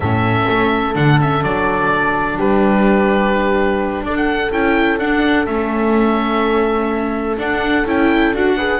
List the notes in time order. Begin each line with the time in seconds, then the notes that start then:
0.00 A2 C#4 A4 E5
0.48 A3
0.94 D3 D4 F#5
1.21 C#4 E5
1.42 F#3 D4 D5
2.37 G3 G4 B4
4.02 D4 A4 D5
4.16 F#5
4.51 C#4 E4 G5
4.98 D4 F#5
5.46 A3 C#4 E5
7.37 D4 F#5
7.85 C#4 E4 G5
8.33 D4 F#4 F#5
8.57 G#4 B4